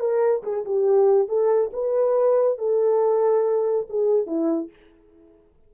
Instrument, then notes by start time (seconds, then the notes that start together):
horn
0.00 A#4
0.44 G#4
0.65 G4
1.29 A4
1.73 B4
2.59 A4
3.90 G#4
4.27 E4